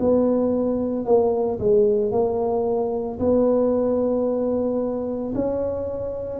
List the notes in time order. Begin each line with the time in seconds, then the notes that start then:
0.00 B3
1.06 A#3
1.60 G#3
2.12 A#3
3.19 B3
5.35 C#4